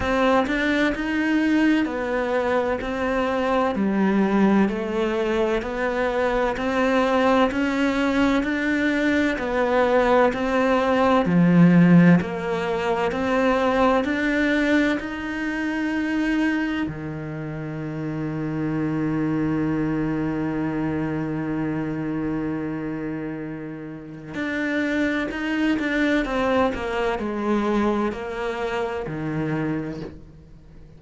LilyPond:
\new Staff \with { instrumentName = "cello" } { \time 4/4 \tempo 4 = 64 c'8 d'8 dis'4 b4 c'4 | g4 a4 b4 c'4 | cis'4 d'4 b4 c'4 | f4 ais4 c'4 d'4 |
dis'2 dis2~ | dis1~ | dis2 d'4 dis'8 d'8 | c'8 ais8 gis4 ais4 dis4 | }